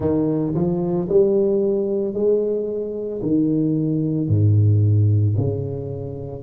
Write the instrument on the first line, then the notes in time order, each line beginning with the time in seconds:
tuba
0.00 D#3
0.54 F3
1.09 G3
2.13 G#3
3.21 D#3
4.28 G#2
5.37 C#3